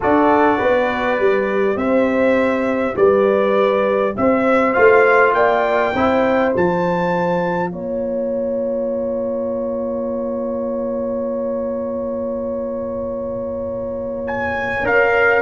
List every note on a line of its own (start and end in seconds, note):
0.00 0.60 D4
0.00 1.19 F#4
0.00 0.58 A4
0.00 1.77 D5
0.58 1.19 B3
0.58 1.76 B4
1.19 1.76 G3
1.19 4.74 G4
1.76 2.94 C4
1.76 2.96 C5
1.76 2.96 E5
2.96 4.15 G3
2.96 4.15 B4
2.96 4.15 D5
4.16 4.76 C4
4.16 5.35 C5
4.16 4.73 E5
4.73 5.34 A3
4.73 5.92 F4
4.73 5.32 F5
5.34 5.93 A#3
5.34 5.93 D5
5.34 6.52 G5
5.93 6.53 C4
5.93 6.54 E4
5.93 7.71 C5
6.54 7.71 F3
6.54 14.84 F4
6.54 7.70 A5
7.70 14.83 A#3
7.70 15.41 C#5
7.70 14.24 A#5
14.27 14.86 G#5
14.83 15.41 C#4
14.83 15.41 A#4
14.83 15.41 F5